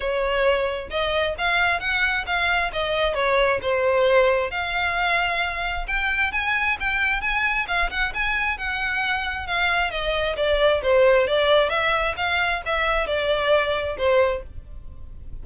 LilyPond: \new Staff \with { instrumentName = "violin" } { \time 4/4 \tempo 4 = 133 cis''2 dis''4 f''4 | fis''4 f''4 dis''4 cis''4 | c''2 f''2~ | f''4 g''4 gis''4 g''4 |
gis''4 f''8 fis''8 gis''4 fis''4~ | fis''4 f''4 dis''4 d''4 | c''4 d''4 e''4 f''4 | e''4 d''2 c''4 | }